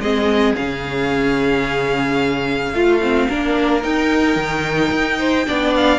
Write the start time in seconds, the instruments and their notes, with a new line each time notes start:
0.00 cello G#3, viola C4, violin G#4 D#5
0.57 cello C#3, viola C#4, violin F5
2.73 cello A3, viola F4, violin F4
3.02 viola C4
3.29 cello A#3, viola D4, violin A#4
3.82 viola D#4, cello D#4, violin G5
4.36 cello D#3
4.92 cello D#4
5.19 violin C5
5.46 cello B3, viola D4, violin D5
5.76 violin F5